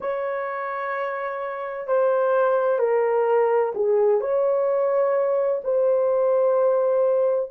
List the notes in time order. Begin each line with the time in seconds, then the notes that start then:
0.00 C#5
1.87 C5
2.79 A#4
3.75 G#4
4.21 C#5
5.64 C5